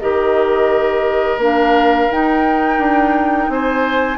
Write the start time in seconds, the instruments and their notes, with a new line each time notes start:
0.00 bassoon D#3, clarinet G4, oboe A#4, flute D#5
1.38 bassoon A#3, clarinet D4, flute F5
2.10 clarinet D#4, bassoon D#4, flute G5
2.78 bassoon D4
3.49 bassoon C4, oboe C5, flute G#5